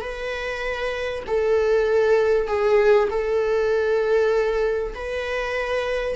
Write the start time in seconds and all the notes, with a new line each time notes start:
0.00 B4
1.27 A4
2.47 G#4
3.10 A4
4.94 B4